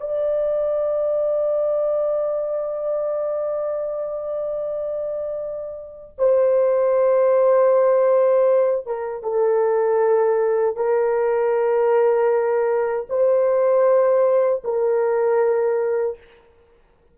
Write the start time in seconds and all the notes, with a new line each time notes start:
0.00 D5
6.18 C5
8.86 A#4
9.23 A4
10.76 A#4
13.09 C5
14.64 A#4